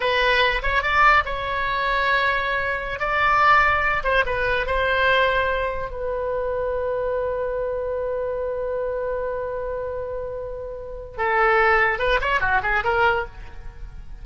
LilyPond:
\new Staff \with { instrumentName = "oboe" } { \time 4/4 \tempo 4 = 145 b'4. cis''8 d''4 cis''4~ | cis''2.~ cis''16 d''8.~ | d''4.~ d''16 c''8 b'4 c''8.~ | c''2~ c''16 b'4.~ b'16~ |
b'1~ | b'1~ | b'2. a'4~ | a'4 b'8 cis''8 fis'8 gis'8 ais'4 | }